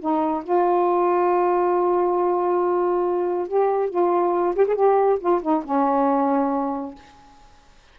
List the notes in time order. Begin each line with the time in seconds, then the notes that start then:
0.00 D#4
0.44 F4
3.48 G4
3.90 F4
4.56 G4
4.67 G#4
4.75 G4
5.20 F4
5.42 D#4
5.64 C#4